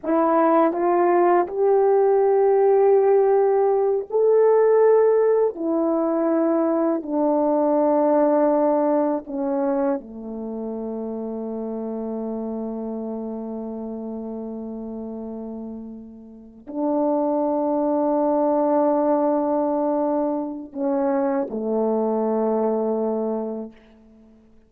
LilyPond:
\new Staff \with { instrumentName = "horn" } { \time 4/4 \tempo 4 = 81 e'4 f'4 g'2~ | g'4. a'2 e'8~ | e'4. d'2~ d'8~ | d'8 cis'4 a2~ a8~ |
a1~ | a2~ a8 d'4.~ | d'1 | cis'4 a2. | }